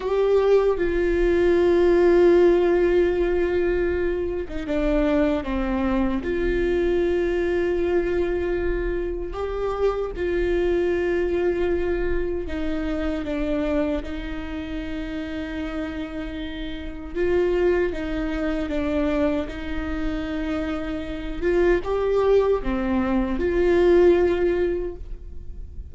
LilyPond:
\new Staff \with { instrumentName = "viola" } { \time 4/4 \tempo 4 = 77 g'4 f'2.~ | f'4.~ f'16 dis'16 d'4 c'4 | f'1 | g'4 f'2. |
dis'4 d'4 dis'2~ | dis'2 f'4 dis'4 | d'4 dis'2~ dis'8 f'8 | g'4 c'4 f'2 | }